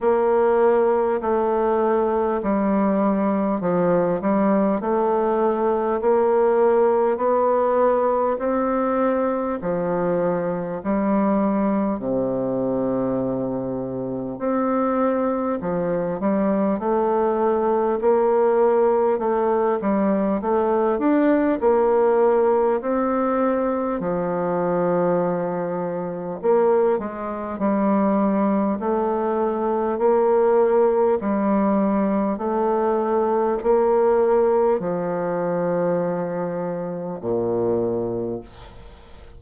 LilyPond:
\new Staff \with { instrumentName = "bassoon" } { \time 4/4 \tempo 4 = 50 ais4 a4 g4 f8 g8 | a4 ais4 b4 c'4 | f4 g4 c2 | c'4 f8 g8 a4 ais4 |
a8 g8 a8 d'8 ais4 c'4 | f2 ais8 gis8 g4 | a4 ais4 g4 a4 | ais4 f2 ais,4 | }